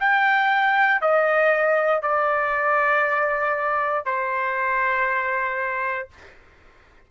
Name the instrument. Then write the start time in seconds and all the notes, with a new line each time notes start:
trumpet
0.00 G5
1.02 D#5
2.03 D5
4.06 C5